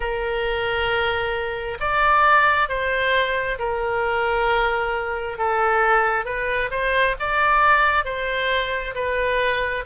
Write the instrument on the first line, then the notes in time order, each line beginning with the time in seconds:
oboe
0.00 A#4
1.80 D5
2.69 C5
3.59 A#4
5.38 A4
6.24 B4
6.70 C5
7.19 D5
8.04 C5
8.95 B4